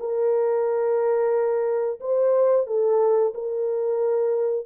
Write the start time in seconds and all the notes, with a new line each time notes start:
0.00 A#4
2.00 C5
2.67 A4
3.34 A#4